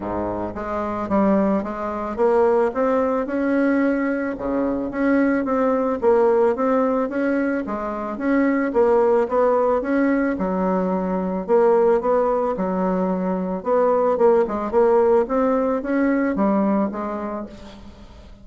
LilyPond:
\new Staff \with { instrumentName = "bassoon" } { \time 4/4 \tempo 4 = 110 gis,4 gis4 g4 gis4 | ais4 c'4 cis'2 | cis4 cis'4 c'4 ais4 | c'4 cis'4 gis4 cis'4 |
ais4 b4 cis'4 fis4~ | fis4 ais4 b4 fis4~ | fis4 b4 ais8 gis8 ais4 | c'4 cis'4 g4 gis4 | }